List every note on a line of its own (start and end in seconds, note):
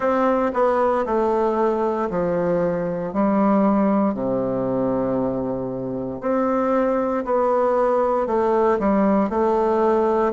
0.00 0.52 C4
0.53 1.05 B3
1.05 2.09 A3
2.09 3.13 F3
3.13 4.14 G3
4.14 6.21 C3
6.21 7.24 C4
7.24 8.26 B3
8.26 8.78 A3
8.79 9.29 G3
9.29 10.33 A3